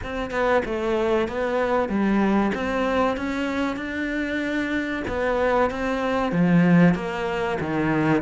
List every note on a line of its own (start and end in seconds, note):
0.03 0.30 C4
0.30 0.62 B3
0.65 1.28 A3
1.28 1.88 B3
1.88 2.51 G3
2.54 3.16 C4
3.16 3.76 C#4
3.76 5.02 D4
5.07 5.70 B3
5.70 6.32 C4
6.32 6.94 F3
6.94 7.58 A#3
7.60 8.21 D#3